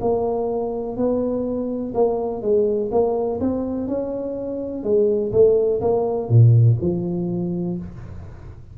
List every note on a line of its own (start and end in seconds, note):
0.00 0.96 A#3
0.96 1.93 B3
1.94 2.41 A#3
2.41 2.90 G#3
2.91 3.39 A#3
3.40 3.87 C4
3.87 4.83 C#4
4.83 5.31 G#3
5.32 5.80 A3
5.81 6.29 A#3
6.29 6.77 A#2
6.80 7.77 F3